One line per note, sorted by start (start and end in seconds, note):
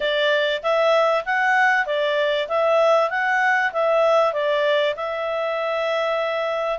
0.00 0.62 D5
0.62 1.24 E5
1.25 1.86 F#5
1.86 2.47 D5
2.48 3.10 E5
3.10 3.71 F#5
3.73 4.33 E5
4.33 4.95 D5
4.95 6.78 E5